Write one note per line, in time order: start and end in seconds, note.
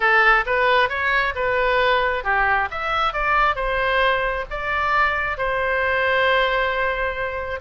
0.00 0.44 A4
0.45 0.89 B4
0.89 1.34 C#5
1.35 2.24 B4
2.24 2.68 G4
2.70 3.13 E5
3.13 3.55 D5
3.55 4.45 C5
4.50 5.37 D5
5.37 7.60 C5